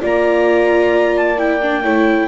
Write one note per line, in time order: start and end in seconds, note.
0.00 1.84 A#3
0.00 1.36 F4
0.00 1.82 D5
0.00 1.16 A#5
1.16 1.38 A5
1.38 1.60 E4
1.38 2.28 G5
1.62 1.83 D4
1.82 2.28 A3
1.82 2.28 E4
1.82 2.28 C#5